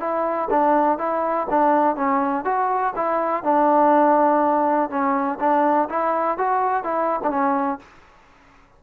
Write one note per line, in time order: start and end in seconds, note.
0.00 0.49 E4
0.51 0.99 D4
0.99 1.47 E4
1.50 1.96 D4
1.96 2.45 C#4
2.45 2.94 F#4
2.96 3.44 E4
3.44 4.90 D4
4.90 5.39 C#4
5.40 5.89 D4
5.90 6.38 E4
6.38 6.84 F#4
6.84 7.21 E4
7.23 7.31 D4
7.31 7.79 C#4